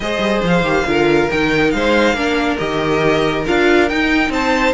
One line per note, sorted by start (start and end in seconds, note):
0.00 0.17 G#3
0.00 0.63 G#4
0.00 0.87 C5
0.00 0.42 D#5
0.18 0.40 G3
0.42 0.62 F3
0.42 1.30 F5
0.62 0.83 D#3
0.62 0.85 G4
0.85 1.29 D3
0.85 1.29 F4
0.85 1.73 A#4
1.30 1.73 D#3
1.30 2.15 D#4
1.30 1.70 G5
1.70 2.13 G#3
1.70 2.15 C5
1.70 2.57 F5
2.13 2.57 A#3
2.13 2.58 D4
2.13 4.31 A#4
2.58 3.46 D#3
2.58 3.44 G4
2.58 3.44 D#5
3.45 3.91 D4
3.45 3.89 F4
3.45 3.88 F5
3.88 4.73 D#4
3.88 4.29 D#4
3.88 4.31 G5
4.29 4.72 C4
4.29 4.73 C5
4.29 4.73 A5